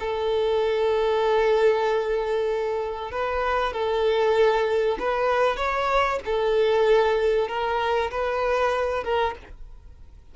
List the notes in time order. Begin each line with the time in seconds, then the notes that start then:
0.00 A4
3.12 B4
3.73 A4
5.00 B4
5.57 C#5
6.25 A4
7.48 A#4
8.11 B4
9.04 A#4